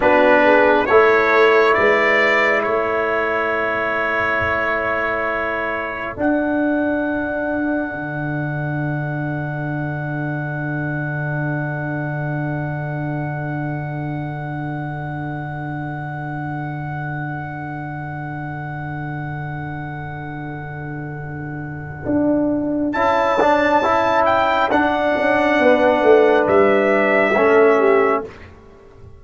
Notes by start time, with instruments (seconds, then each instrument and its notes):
0.00 tuba B3, trombone D4, horn F#4, trumpet B4
0.44 horn G#4
0.85 tuba A3, trombone E4, horn A4, trumpet C#5
1.73 tuba G#3, horn B4, trumpet D5
2.62 tuba A3, horn A4, trumpet C#5
6.17 tuba D4, trombone D4, trumpet F#5
7.93 tuba D3
22.05 tuba D4
22.92 tuba C#4, trombone E4, trumpet A5
23.40 trombone D4
23.83 trombone E4
24.25 trumpet G5
24.70 trombone D4, tuba D4, trumpet F#5
25.15 tuba C#4
25.58 tuba B3, horn B4
26.03 tuba A3
26.47 tuba G3, trumpet E5
27.35 tuba A3, trombone C#4, horn A4
27.78 horn G4